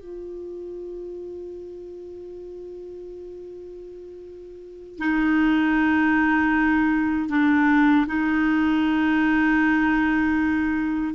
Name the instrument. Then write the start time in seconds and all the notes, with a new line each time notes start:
clarinet
0.00 F4
4.99 D#4
7.29 D4
8.07 D#4